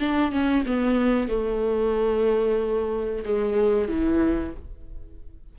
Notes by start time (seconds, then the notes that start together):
0.00 D4
0.32 C#4
0.66 B3
1.29 A3
3.25 G#3
3.89 E3